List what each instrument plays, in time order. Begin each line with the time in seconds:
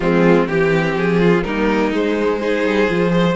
0.00 cello F3, viola G#3, violin C4 F4
0.46 cello E3, viola C4, violin G4
0.96 cello F3, violin G#4
1.19 violin F4
1.44 cello G3, viola A#3, violin D#4 A#4
1.92 viola G#3, cello G#3, violin C5
2.39 viola D#4, violin G#4
2.63 cello G3
2.89 cello F3, viola F4
3.09 viola G#4, violin C5